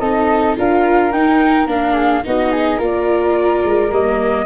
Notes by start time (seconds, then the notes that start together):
0.00 C4 D#4 A4 D#5
0.57 D4 F4 A#4 F5
1.12 D#4 G5
1.67 A#3 D4 F5
1.93 G#4
2.24 B3 D#4 F#4 D#5
2.52 G#4
2.78 A#3 F4 A#4 D5
3.65 G#3
3.91 G3 A#3 D#5